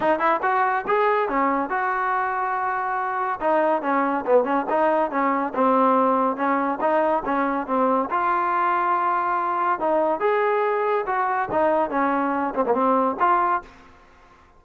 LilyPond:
\new Staff \with { instrumentName = "trombone" } { \time 4/4 \tempo 4 = 141 dis'8 e'8 fis'4 gis'4 cis'4 | fis'1 | dis'4 cis'4 b8 cis'8 dis'4 | cis'4 c'2 cis'4 |
dis'4 cis'4 c'4 f'4~ | f'2. dis'4 | gis'2 fis'4 dis'4 | cis'4. c'16 ais16 c'4 f'4 | }